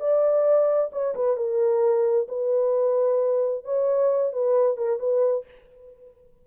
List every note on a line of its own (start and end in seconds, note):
0.00 0.91 D5
0.92 1.15 C#5
1.15 1.37 B4
1.37 2.28 A#4
2.29 3.65 B4
3.65 4.33 C#5
4.33 4.77 B4
4.77 5.00 A#4
5.00 5.45 B4